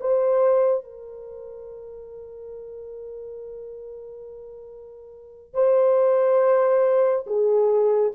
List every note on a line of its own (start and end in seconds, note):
0.00 0.84 C5
0.84 5.54 A#4
5.54 7.25 C5
7.26 8.12 G#4